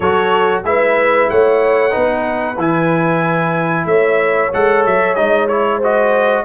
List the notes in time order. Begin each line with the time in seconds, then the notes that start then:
0.00 F#3 F#4 A4 C#5
0.64 G#3 E4 B4 E5
1.29 A3 C#5 F#5
1.90 D#4 B4
1.96 B3
2.57 E3 E4 G#5
3.85 A3 C#5 E5
4.53 G#3 A4 F#5
4.85 F#3 E5
5.15 G#3 D#4 D#5
5.48 E4 C#5
5.77 F#4 C5 D#5